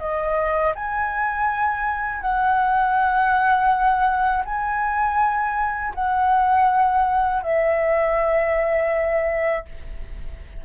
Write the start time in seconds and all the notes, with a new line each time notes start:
0.00 D#5
0.75 G#5
2.22 F#5
4.46 G#5
5.95 F#5
7.43 E5